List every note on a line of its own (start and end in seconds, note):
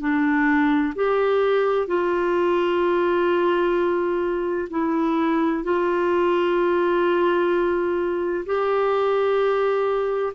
0.00 0.94 D4
0.95 1.87 G4
1.87 4.69 F4
4.70 5.64 E4
5.64 8.45 F4
8.46 10.33 G4